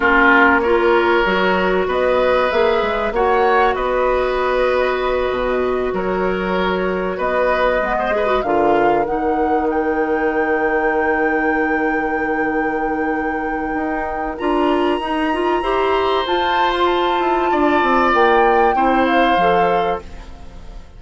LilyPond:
<<
  \new Staff \with { instrumentName = "flute" } { \time 4/4 \tempo 4 = 96 ais'4 cis''2 dis''4 | e''4 fis''4 dis''2~ | dis''4. cis''2 dis''8~ | dis''4. f''4 fis''4 g''8~ |
g''1~ | g''2. ais''4~ | ais''2 a''8. c'''16 a''4~ | a''4 g''4. f''4. | }
  \new Staff \with { instrumentName = "oboe" } { \time 4/4 f'4 ais'2 b'4~ | b'4 cis''4 b'2~ | b'4. ais'2 b'8~ | b'8. c''16 b'8 ais'2~ ais'8~ |
ais'1~ | ais'1~ | ais'4 c''2. | d''2 c''2 | }
  \new Staff \with { instrumentName = "clarinet" } { \time 4/4 cis'4 f'4 fis'2 | gis'4 fis'2.~ | fis'1~ | fis'8 b8 gis'16 fis'16 f'4 dis'4.~ |
dis'1~ | dis'2. f'4 | dis'8 f'8 g'4 f'2~ | f'2 e'4 a'4 | }
  \new Staff \with { instrumentName = "bassoon" } { \time 4/4 ais2 fis4 b4 | ais8 gis8 ais4 b2~ | b8 b,4 fis2 b8~ | b8 gis4 d4 dis4.~ |
dis1~ | dis2 dis'4 d'4 | dis'4 e'4 f'4. e'8 | d'8 c'8 ais4 c'4 f4 | }
>>